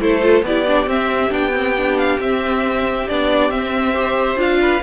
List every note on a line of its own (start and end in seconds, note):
0.00 0.43 A3
0.00 0.22 E4
0.00 0.46 A4
0.00 0.45 C5
0.22 0.44 F4
0.43 0.87 B3
0.43 0.67 E4
0.43 3.94 G4
0.43 0.89 D5
0.67 0.87 D4
0.87 1.31 C4
0.87 1.30 C4
0.87 1.33 E5
1.30 2.19 B3
1.30 1.52 D4
1.30 1.98 G5
1.54 1.76 C4
1.77 2.20 D4
1.98 2.20 F5
2.20 3.07 C4
2.20 3.09 C4
2.20 3.08 E5
3.08 3.50 B3
3.08 3.51 D4
3.08 3.51 D5
3.50 4.36 C4
3.50 3.94 C4
3.50 4.39 E5
3.94 4.37 G4
3.94 4.60 C5
4.36 4.80 D4
4.36 4.80 F4
4.36 4.83 F5
4.62 4.83 B4